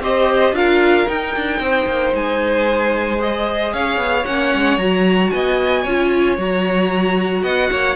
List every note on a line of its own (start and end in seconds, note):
0.00 0.52 C4
0.00 0.54 G4
0.00 0.56 C5
0.00 0.56 D#5
0.52 1.06 D4
0.52 1.06 F4
0.52 1.62 A#4
0.52 1.09 F5
1.06 3.18 D#4
1.06 1.36 D#4
1.06 2.15 G5
1.36 1.60 D4
1.60 1.86 C4
1.60 3.74 C5
1.87 2.13 A#3
2.14 3.74 G#3
2.14 3.21 G#5
3.19 4.25 G#4
3.19 3.73 D#5
3.73 3.98 C#4
3.73 5.33 C#5
3.73 4.25 F5
3.98 4.24 B3
4.25 4.54 A#3
4.25 4.80 C#4
4.25 4.78 F#5
4.55 4.78 G#3
4.78 5.31 F#3
4.78 5.86 F#4
4.78 5.30 A#5
5.30 5.85 B3
5.30 5.83 D#5
5.30 6.37 G#5
5.83 6.38 C#4
5.83 6.38 F4
5.83 7.42 C#5
6.38 7.43 F#3
6.38 7.96 F#4
6.38 7.43 A#5
7.43 7.70 B3
7.43 7.70 D#5
7.43 7.96 F#5
7.71 7.96 A#3
7.71 7.96 C#5